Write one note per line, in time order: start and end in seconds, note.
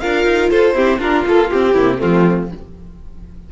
0.00 0.25 D4
0.00 0.75 F4
0.00 0.51 A#4
0.00 0.50 F5
0.25 0.50 D#4
0.50 0.74 F4
0.50 0.75 A4
0.50 1.00 C5
0.74 0.99 C4
0.74 0.99 E4
0.74 0.99 G4
0.99 1.24 D4
0.99 1.73 F4
0.99 1.25 A#4
1.26 1.51 A#3
1.26 1.52 F4
1.26 1.51 A4
1.51 1.77 C4
1.51 1.76 C4
1.51 2.01 G4
1.73 2.01 C3
1.73 1.98 A#3
1.73 1.98 E4
1.98 2.52 F3
1.98 2.47 A3
1.98 2.48 C4
1.98 2.50 F4